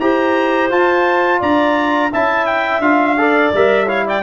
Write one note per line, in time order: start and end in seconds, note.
0.00 0.71 E4
0.00 0.70 G4
0.00 1.40 C5
0.00 0.71 A#5
0.70 2.11 F4
0.70 1.42 F4
0.70 1.42 A5
1.40 2.13 D4
1.40 2.10 D5
1.40 2.13 A#5
2.12 2.80 C#4
2.12 2.83 E4
2.12 3.17 E5
2.12 2.46 A5
2.46 2.81 G5
2.80 3.51 D4
2.80 3.17 F4
2.80 3.52 F5
3.17 3.53 A4
3.17 3.87 D5
3.54 4.23 G3
3.54 3.87 A#4
3.54 3.89 E5
3.87 4.22 E4
3.87 4.04 C#5
3.87 4.06 F5
4.06 4.23 D5
4.06 4.23 G5